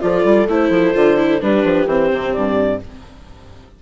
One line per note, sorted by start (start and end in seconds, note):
0.00 0.24 F3
0.00 0.47 F4
0.00 1.42 A4
0.00 0.47 D5
0.24 0.48 G3
0.48 0.69 A3
0.48 0.94 E4
0.48 1.42 C5
0.69 0.93 F3
0.94 1.41 D3
0.94 1.17 F4
1.17 1.40 E4
1.40 1.64 G3
1.40 1.87 D4
1.40 2.81 G4
1.40 1.87 B4
1.64 1.86 F3
1.86 2.09 E3
1.86 2.81 C4
1.86 2.33 C5
2.14 2.35 C3
2.33 2.82 G2
2.33 2.80 D5